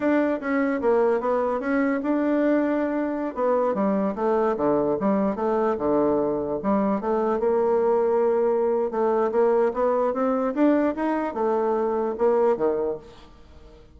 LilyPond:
\new Staff \with { instrumentName = "bassoon" } { \time 4/4 \tempo 4 = 148 d'4 cis'4 ais4 b4 | cis'4 d'2.~ | d'16 b4 g4 a4 d8.~ | d16 g4 a4 d4.~ d16~ |
d16 g4 a4 ais4.~ ais16~ | ais2 a4 ais4 | b4 c'4 d'4 dis'4 | a2 ais4 dis4 | }